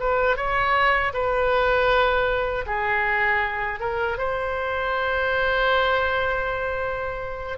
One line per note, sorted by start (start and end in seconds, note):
0.00 0.37 B4
0.37 1.13 C#5
1.14 2.65 B4
2.67 3.80 G#4
3.80 4.18 A#4
4.18 7.58 C5